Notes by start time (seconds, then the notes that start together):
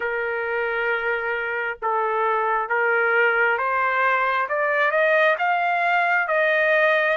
0.00 A#4
1.82 A4
2.68 A#4
3.57 C5
4.49 D5
4.91 D#5
5.38 F5
6.27 D#5